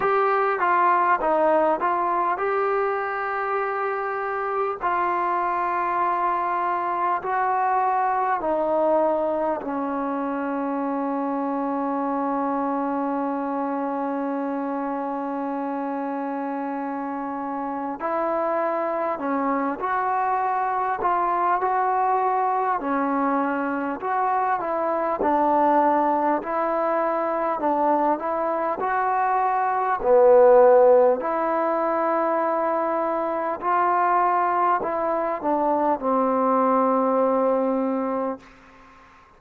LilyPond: \new Staff \with { instrumentName = "trombone" } { \time 4/4 \tempo 4 = 50 g'8 f'8 dis'8 f'8 g'2 | f'2 fis'4 dis'4 | cis'1~ | cis'2. e'4 |
cis'8 fis'4 f'8 fis'4 cis'4 | fis'8 e'8 d'4 e'4 d'8 e'8 | fis'4 b4 e'2 | f'4 e'8 d'8 c'2 | }